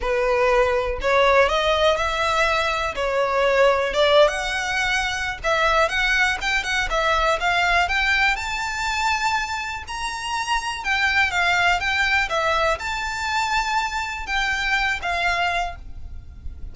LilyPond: \new Staff \with { instrumentName = "violin" } { \time 4/4 \tempo 4 = 122 b'2 cis''4 dis''4 | e''2 cis''2 | d''8. fis''2~ fis''16 e''4 | fis''4 g''8 fis''8 e''4 f''4 |
g''4 a''2. | ais''2 g''4 f''4 | g''4 e''4 a''2~ | a''4 g''4. f''4. | }